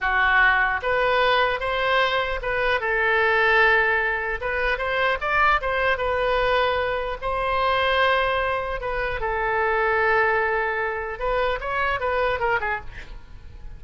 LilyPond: \new Staff \with { instrumentName = "oboe" } { \time 4/4 \tempo 4 = 150 fis'2 b'2 | c''2 b'4 a'4~ | a'2. b'4 | c''4 d''4 c''4 b'4~ |
b'2 c''2~ | c''2 b'4 a'4~ | a'1 | b'4 cis''4 b'4 ais'8 gis'8 | }